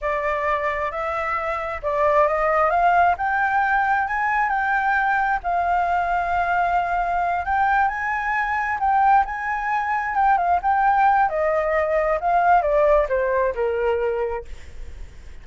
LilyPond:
\new Staff \with { instrumentName = "flute" } { \time 4/4 \tempo 4 = 133 d''2 e''2 | d''4 dis''4 f''4 g''4~ | g''4 gis''4 g''2 | f''1~ |
f''8 g''4 gis''2 g''8~ | g''8 gis''2 g''8 f''8 g''8~ | g''4 dis''2 f''4 | d''4 c''4 ais'2 | }